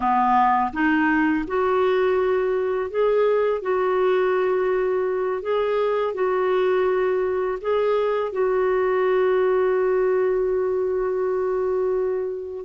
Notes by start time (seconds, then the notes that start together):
0.00 B3
0.73 D#4
1.47 F#4
2.90 G#4
3.62 F#4
5.42 G#4
6.13 F#4
7.61 G#4
8.32 F#4